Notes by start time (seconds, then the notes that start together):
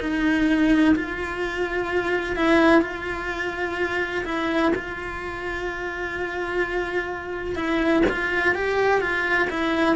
0.00 D#4
0.95 F4
2.35 E4
2.81 F4
4.25 E4
4.75 F4
7.55 E4
8.09 F4
8.55 G4
9.00 F4
9.50 E4